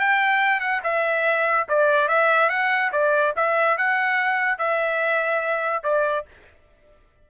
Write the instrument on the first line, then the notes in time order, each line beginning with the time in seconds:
trumpet
0.00 G5
0.60 F#5
0.84 E5
1.69 D5
2.08 E5
2.49 F#5
2.92 D5
3.36 E5
3.77 F#5
4.58 E5
5.84 D5